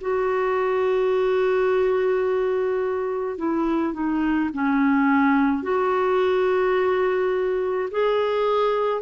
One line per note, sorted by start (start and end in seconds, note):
0.00 3.38 F#4
3.38 3.93 E4
3.93 4.50 D#4
4.53 5.62 C#4
5.62 7.89 F#4
7.90 9.01 G#4